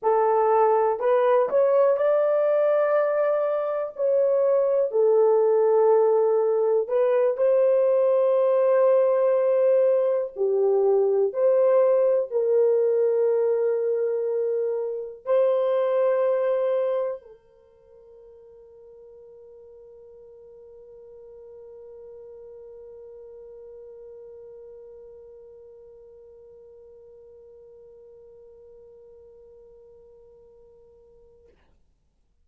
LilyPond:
\new Staff \with { instrumentName = "horn" } { \time 4/4 \tempo 4 = 61 a'4 b'8 cis''8 d''2 | cis''4 a'2 b'8 c''8~ | c''2~ c''8 g'4 c''8~ | c''8 ais'2. c''8~ |
c''4. ais'2~ ais'8~ | ais'1~ | ais'1~ | ais'1 | }